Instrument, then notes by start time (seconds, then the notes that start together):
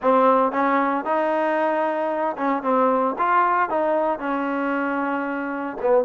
trombone
0.01 C4
0.52 C#4
1.04 D#4
2.37 C#4
2.62 C4
3.18 F4
3.69 D#4
4.19 C#4
5.81 B3